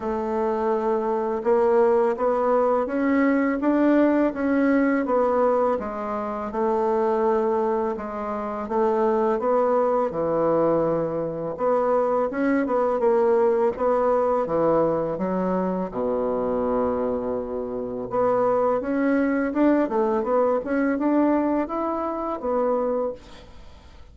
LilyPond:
\new Staff \with { instrumentName = "bassoon" } { \time 4/4 \tempo 4 = 83 a2 ais4 b4 | cis'4 d'4 cis'4 b4 | gis4 a2 gis4 | a4 b4 e2 |
b4 cis'8 b8 ais4 b4 | e4 fis4 b,2~ | b,4 b4 cis'4 d'8 a8 | b8 cis'8 d'4 e'4 b4 | }